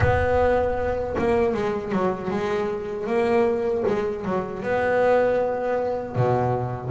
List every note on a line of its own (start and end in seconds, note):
0.00 1.15 B3
1.18 1.54 A#3
1.54 1.92 G#3
1.92 2.30 F#3
2.30 3.06 G#3
3.06 3.83 A#3
3.87 4.24 G#3
4.24 4.63 F#3
4.63 6.15 B3
6.15 6.90 B2